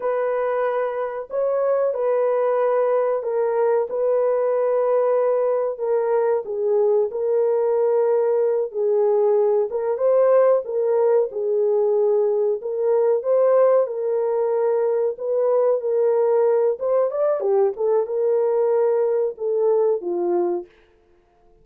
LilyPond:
\new Staff \with { instrumentName = "horn" } { \time 4/4 \tempo 4 = 93 b'2 cis''4 b'4~ | b'4 ais'4 b'2~ | b'4 ais'4 gis'4 ais'4~ | ais'4. gis'4. ais'8 c''8~ |
c''8 ais'4 gis'2 ais'8~ | ais'8 c''4 ais'2 b'8~ | b'8 ais'4. c''8 d''8 g'8 a'8 | ais'2 a'4 f'4 | }